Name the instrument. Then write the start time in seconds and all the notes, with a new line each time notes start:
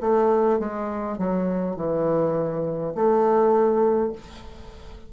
bassoon
0.00 A3
0.59 G#3
1.18 F#3
1.75 E3
2.94 A3